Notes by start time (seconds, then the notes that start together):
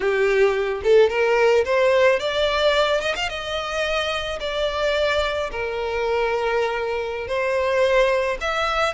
0.00 G4
0.83 A4
1.09 A#4
1.65 C5
2.19 D5
3.01 D#5
3.15 F5
3.29 D#5
4.40 D5
5.51 A#4
7.27 C5
8.40 E5